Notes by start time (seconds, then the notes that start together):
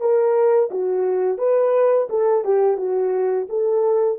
0.00 A#4
0.71 F#4
1.38 B4
2.10 A4
2.44 G4
2.77 F#4
3.49 A4